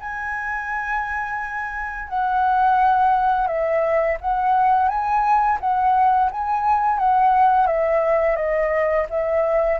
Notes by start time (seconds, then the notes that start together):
0.00 G#5
2.08 F#5
3.47 E5
4.21 F#5
4.88 G#5
5.60 F#5
6.31 G#5
6.98 F#5
7.67 E5
8.36 D#5
9.10 E5